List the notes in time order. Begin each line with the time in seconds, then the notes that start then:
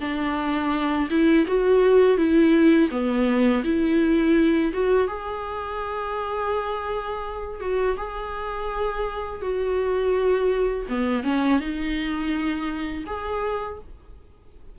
0.00 D4
1.10 E4
1.47 F#4
2.17 E4
2.90 B3
3.64 E4
4.73 F#4
5.08 G#4
7.60 F#4
7.97 G#4
9.41 F#4
10.89 B3
11.23 C#4
11.60 D#4
13.06 G#4